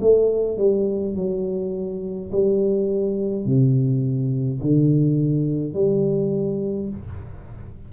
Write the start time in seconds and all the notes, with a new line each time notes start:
0.00 A3
0.57 G3
1.15 F#3
2.31 G3
3.45 C3
4.60 D3
5.73 G3